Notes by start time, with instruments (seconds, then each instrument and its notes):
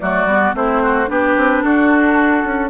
0.00 bassoon F#3, clarinet A3, oboe F#4, flute D5
0.25 bassoon G3, clarinet B3
0.54 bassoon A3, clarinet C4, oboe E4, flute C5
0.82 oboe F#4
1.06 bassoon B3, clarinet D4, oboe G4, flute B4
1.37 bassoon C4
1.63 bassoon D4, oboe F#4, flute A4
2.44 bassoon C#4